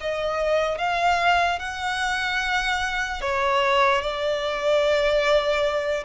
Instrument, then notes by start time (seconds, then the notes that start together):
violin
0.00 D#5
0.78 F5
1.59 F#5
3.21 C#5
4.01 D5